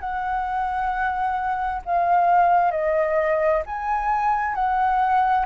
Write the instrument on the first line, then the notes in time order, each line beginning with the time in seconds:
flute
0.00 F#5
1.85 F5
2.71 D#5
3.66 G#5
4.55 F#5